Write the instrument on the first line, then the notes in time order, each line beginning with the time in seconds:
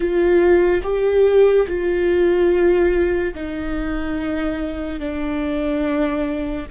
viola
0.00 F4
0.83 G4
1.67 F4
3.34 D#4
4.99 D4